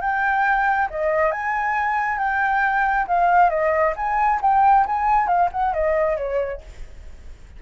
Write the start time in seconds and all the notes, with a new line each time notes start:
0.00 G5
0.90 D#5
1.31 G#5
2.18 G5
3.07 F5
3.49 D#5
3.96 G#5
4.41 G5
4.86 G#5
5.27 F5
5.52 F#5
5.73 D#5
6.17 C#5